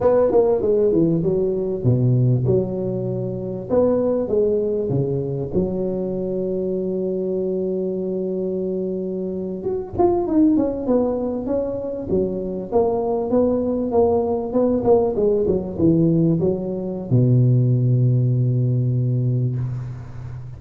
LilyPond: \new Staff \with { instrumentName = "tuba" } { \time 4/4 \tempo 4 = 98 b8 ais8 gis8 e8 fis4 b,4 | fis2 b4 gis4 | cis4 fis2.~ | fis2.~ fis8. fis'16~ |
fis'16 f'8 dis'8 cis'8 b4 cis'4 fis16~ | fis8. ais4 b4 ais4 b16~ | b16 ais8 gis8 fis8 e4 fis4~ fis16 | b,1 | }